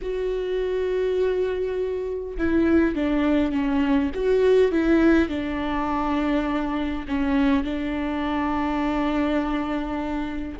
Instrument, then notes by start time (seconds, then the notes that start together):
viola
0.01 F#4
2.37 E4
2.95 D4
3.52 C#4
4.14 F#4
4.71 E4
5.29 D4
7.08 C#4
7.64 D4